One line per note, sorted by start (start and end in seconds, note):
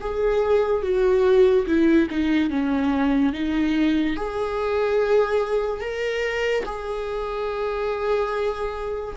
0.00 0.83 G#4
0.83 1.66 F#4
1.67 2.08 E4
2.10 2.50 D#4
2.50 3.33 C#4
3.33 4.16 D#4
4.16 5.81 G#4
5.81 6.64 A#4
6.65 9.15 G#4